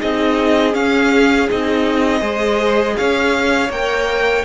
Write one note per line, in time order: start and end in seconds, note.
0.00 0.75 C4
0.00 0.73 D#4
0.00 2.21 G#4
0.00 0.75 D#5
0.73 1.48 C#4
0.73 1.49 C#4
0.73 1.49 F5
1.50 2.22 C4
1.50 2.21 D#4
1.50 2.98 D#5
2.21 2.96 G#3
2.21 3.69 G#4
2.21 2.95 C5
2.98 3.70 C#4
2.98 4.46 C#5
2.98 3.72 F5
3.70 4.44 A#3
3.70 4.46 A#4
3.70 4.46 G5